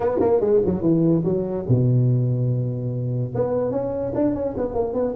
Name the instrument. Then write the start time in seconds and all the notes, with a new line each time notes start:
tuba
0.00 B3
0.20 A#3
0.40 G#3
0.65 F#3
0.81 E3
1.24 F#3
1.68 B2
3.34 B3
3.71 C#4
4.15 D4
4.34 C#4
4.57 B3
4.74 A#3
4.93 B3